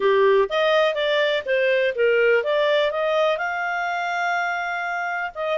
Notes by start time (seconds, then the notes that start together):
0.00 G4
0.49 D#5
0.94 D5
1.45 C5
1.95 A#4
2.43 D5
2.91 D#5
3.37 F5
5.35 D#5